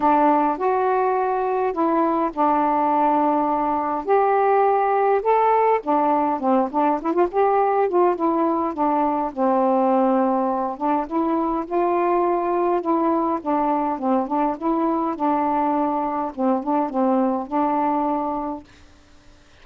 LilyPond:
\new Staff \with { instrumentName = "saxophone" } { \time 4/4 \tempo 4 = 103 d'4 fis'2 e'4 | d'2. g'4~ | g'4 a'4 d'4 c'8 d'8 | e'16 f'16 g'4 f'8 e'4 d'4 |
c'2~ c'8 d'8 e'4 | f'2 e'4 d'4 | c'8 d'8 e'4 d'2 | c'8 d'8 c'4 d'2 | }